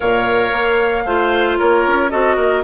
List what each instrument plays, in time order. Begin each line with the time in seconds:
0.00 bassoon A#2, clarinet A#4, oboe C#5, flute F5
0.52 bassoon A#3
1.05 bassoon A3, clarinet F4, oboe C5
1.58 bassoon A#3, oboe A#4, flute C#5
1.87 bassoon C#4
2.10 bassoon C4, clarinet F#4, oboe A4, flute D#5
2.35 bassoon A#3, oboe A#4